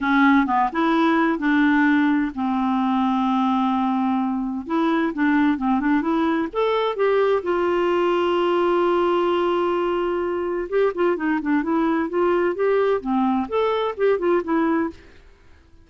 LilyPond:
\new Staff \with { instrumentName = "clarinet" } { \time 4/4 \tempo 4 = 129 cis'4 b8 e'4. d'4~ | d'4 c'2.~ | c'2 e'4 d'4 | c'8 d'8 e'4 a'4 g'4 |
f'1~ | f'2. g'8 f'8 | dis'8 d'8 e'4 f'4 g'4 | c'4 a'4 g'8 f'8 e'4 | }